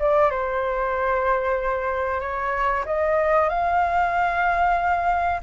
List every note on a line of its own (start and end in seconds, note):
0.00 0.31 D5
0.31 2.21 C5
2.21 2.85 C#5
2.86 3.50 D#5
3.50 5.41 F5